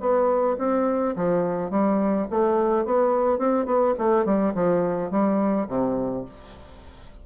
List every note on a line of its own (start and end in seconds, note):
0.00 0.57 B3
0.58 1.15 C4
1.16 1.71 F3
1.71 2.27 G3
2.30 2.85 A3
2.85 3.38 B3
3.38 3.66 C4
3.66 3.94 B3
3.99 4.25 A3
4.25 4.53 G3
4.54 5.10 F3
5.10 5.67 G3
5.68 6.25 C3